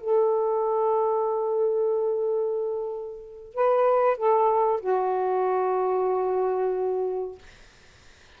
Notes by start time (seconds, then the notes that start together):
0.00 A4
3.54 B4
4.17 A4
4.80 F#4